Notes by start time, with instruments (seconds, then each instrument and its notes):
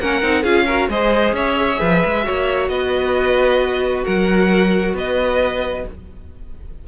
0.00 cello A#3, viola C#4, violin A#4 F#5
0.22 cello C4, viola D#4
0.42 cello C#4, viola F4, violin G#4 F5
0.66 viola F#4, violin A#4
0.88 cello G#3, viola G#4, violin C5 D#5
1.32 cello C#4, violin C#5 E5
1.79 cello F3, violin B4
2.05 cello G#3
2.23 cello A#3, viola F#4, violin C#5
2.68 cello B3, violin B4 D#5
4.04 cello F#3, violin A#4 F#5
4.93 cello B3, violin B4 D#5